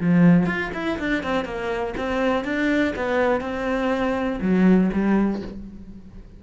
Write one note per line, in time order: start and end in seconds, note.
0.00 0.46 F3
0.46 0.70 F4
0.73 0.98 E4
0.98 1.23 D4
1.23 1.45 C4
1.45 1.94 A#3
1.97 2.44 C4
2.44 2.94 D4
2.96 3.41 B3
3.41 4.39 C4
4.41 4.90 F#3
4.92 5.42 G3